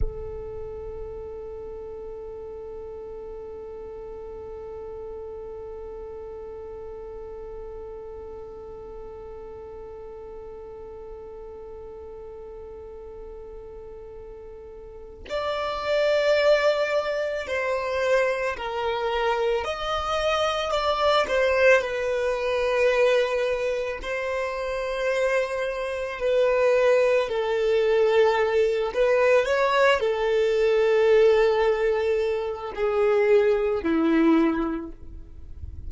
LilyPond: \new Staff \with { instrumentName = "violin" } { \time 4/4 \tempo 4 = 55 a'1~ | a'1~ | a'1~ | a'2 d''2 |
c''4 ais'4 dis''4 d''8 c''8 | b'2 c''2 | b'4 a'4. b'8 cis''8 a'8~ | a'2 gis'4 e'4 | }